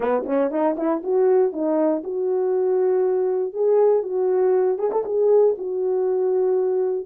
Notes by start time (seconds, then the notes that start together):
0.00 B3
0.26 C#4
0.50 D#4
0.77 E4
1.03 F#4
1.52 D#4
2.03 F#4
3.53 G#4
4.02 F#4
4.78 G#4
4.91 A4
5.05 G#4
5.57 F#4